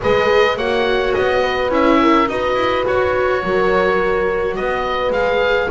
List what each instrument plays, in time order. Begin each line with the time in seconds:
0.01 double bass G#3, viola G#4, horn B4, oboe D#5
0.56 double bass A#3, viola F#4, horn C#5, oboe F#5
1.13 double bass B3, oboe D#5
1.42 horn B4
1.69 double bass C#4, viola E4, oboe E5
2.02 horn A#4
2.27 double bass D#4, viola F#4, horn B4, oboe D#5
2.55 double bass E4
2.86 double bass F#4, oboe C#5
3.43 double bass F#3, horn A#4
4.55 double bass B3, horn B4, oboe D#5
5.09 double bass G#3, viola G#4, oboe F5